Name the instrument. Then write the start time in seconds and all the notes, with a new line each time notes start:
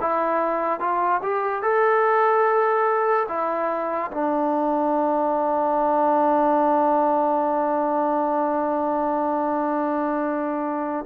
trombone
0.00 E4
0.80 F4
1.22 G4
1.62 A4
3.28 E4
4.11 D4